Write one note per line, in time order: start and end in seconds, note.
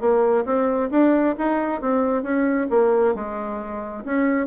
0.00 0.44 A#3
0.45 0.89 C4
0.91 1.35 D4
1.38 1.81 D#4
1.81 2.23 C4
2.23 2.67 C#4
2.70 3.14 A#3
3.15 4.04 G#3
4.05 4.47 C#4